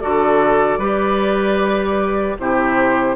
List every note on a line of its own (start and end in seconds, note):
0.00 0.78 D3
0.00 0.80 F#4
0.00 0.79 A4
0.00 2.37 D5
0.78 2.36 G3
0.78 2.38 G4
0.78 2.37 B4
2.39 3.16 C3
2.39 3.16 E4
2.39 3.16 G4
2.39 3.16 C5